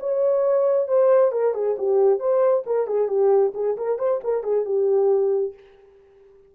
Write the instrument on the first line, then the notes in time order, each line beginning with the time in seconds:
horn
0.00 C#5
0.88 C5
1.32 A#4
1.54 G#4
1.78 G4
2.19 C5
2.66 A#4
2.87 G#4
3.08 G4
3.55 G#4
3.77 A#4
3.99 C5
4.24 A#4
4.44 G#4
4.65 G4